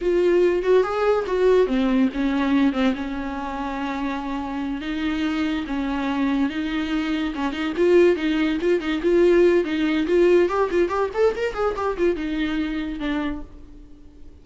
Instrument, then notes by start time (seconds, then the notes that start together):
viola
0.01 F4
0.62 F#4
0.83 G#4
1.26 F#4
1.66 C4
2.13 C#4
2.73 C4
2.95 C#4
4.81 D#4
5.66 C#4
6.49 D#4
7.34 C#4
7.52 D#4
7.76 F4
8.16 D#4
8.61 F4
8.80 D#4
9.02 F4
9.64 D#4
10.07 F4
10.48 G4
10.70 F4
10.88 G4
11.14 A4
11.36 A#4
11.54 G#4
11.76 G4
11.97 F4
12.16 D#4
12.99 D4